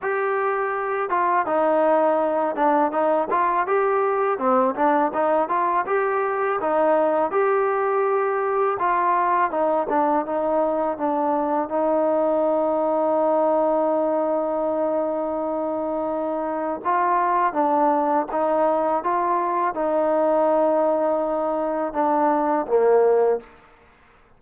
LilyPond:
\new Staff \with { instrumentName = "trombone" } { \time 4/4 \tempo 4 = 82 g'4. f'8 dis'4. d'8 | dis'8 f'8 g'4 c'8 d'8 dis'8 f'8 | g'4 dis'4 g'2 | f'4 dis'8 d'8 dis'4 d'4 |
dis'1~ | dis'2. f'4 | d'4 dis'4 f'4 dis'4~ | dis'2 d'4 ais4 | }